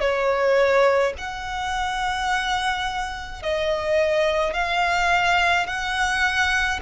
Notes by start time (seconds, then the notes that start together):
0.00 C#5
1.18 F#5
3.43 D#5
4.54 F5
5.67 F#5